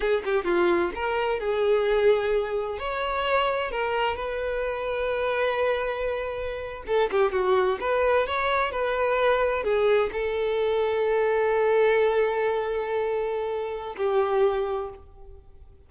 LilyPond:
\new Staff \with { instrumentName = "violin" } { \time 4/4 \tempo 4 = 129 gis'8 g'8 f'4 ais'4 gis'4~ | gis'2 cis''2 | ais'4 b'2.~ | b'2~ b'8. a'8 g'8 fis'16~ |
fis'8. b'4 cis''4 b'4~ b'16~ | b'8. gis'4 a'2~ a'16~ | a'1~ | a'2 g'2 | }